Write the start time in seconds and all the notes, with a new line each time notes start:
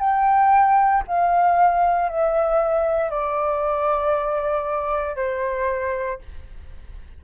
0.00 G5
1.08 F5
2.09 E5
3.11 D5
5.16 C5